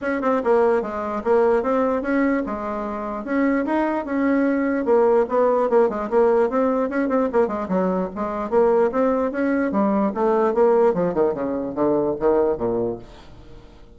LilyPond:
\new Staff \with { instrumentName = "bassoon" } { \time 4/4 \tempo 4 = 148 cis'8 c'8 ais4 gis4 ais4 | c'4 cis'4 gis2 | cis'4 dis'4 cis'2 | ais4 b4 ais8 gis8 ais4 |
c'4 cis'8 c'8 ais8 gis8 fis4 | gis4 ais4 c'4 cis'4 | g4 a4 ais4 f8 dis8 | cis4 d4 dis4 ais,4 | }